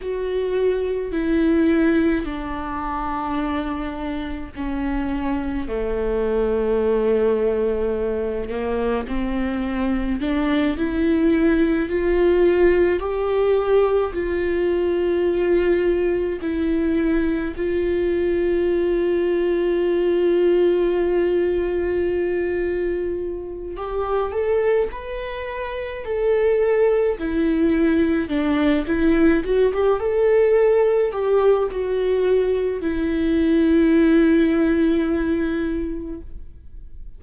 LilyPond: \new Staff \with { instrumentName = "viola" } { \time 4/4 \tempo 4 = 53 fis'4 e'4 d'2 | cis'4 a2~ a8 ais8 | c'4 d'8 e'4 f'4 g'8~ | g'8 f'2 e'4 f'8~ |
f'1~ | f'4 g'8 a'8 b'4 a'4 | e'4 d'8 e'8 fis'16 g'16 a'4 g'8 | fis'4 e'2. | }